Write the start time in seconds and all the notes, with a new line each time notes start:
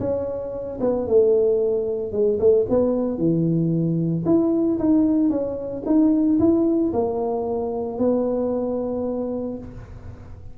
0.00 C#4
0.81 B3
1.07 A3
2.13 G#3
2.40 A3
2.70 B3
3.18 E3
4.26 E4
4.79 D#4
5.30 C#4
5.86 D#4
6.40 E4
6.93 A#3
7.99 B3